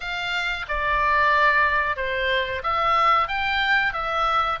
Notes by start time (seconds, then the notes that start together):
0.00 F5
0.68 D5
1.96 C5
2.63 E5
3.28 G5
3.93 E5